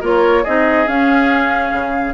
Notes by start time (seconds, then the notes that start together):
0.00 A#3 F4 A#4 C#5
0.42 C4 D#4 G#4 D#5
0.86 C#4 F5
1.71 C#3